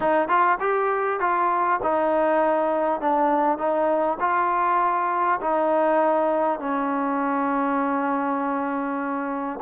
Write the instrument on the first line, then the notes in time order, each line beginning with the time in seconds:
trombone
0.00 D#4
0.28 F4
0.59 G4
1.20 F4
1.82 D#4
3.00 D4
3.58 D#4
4.20 F4
5.40 D#4
6.59 C#4